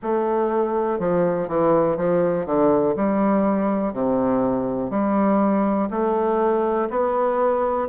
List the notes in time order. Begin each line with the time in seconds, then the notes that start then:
0.02 A3
0.99 F3
1.48 E3
1.96 F3
2.45 D3
2.96 G3
3.93 C3
4.90 G3
5.90 A3
6.90 B3